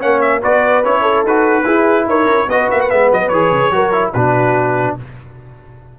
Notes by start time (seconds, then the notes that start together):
0.00 A#3 C#4 C#5 F#5
0.21 E5
0.42 B3 F#4 B4 D5
0.85 C#4 E4 C#5
1.02 A4
1.23 D#4 F#4 B4
1.64 E4 G#4
2.06 D#4 A#4 C#5
2.25 C#4
2.47 B3 F#4 B4 D#5
2.71 A#3 E5
2.81 F#5
2.90 G#3 B3 E5
3.12 F#3 D#5
3.29 E3 G#4 C#5
3.51 C#3
3.71 F#3 F#4 A#4
3.92 E4
4.14 B2 D4 F#4 B4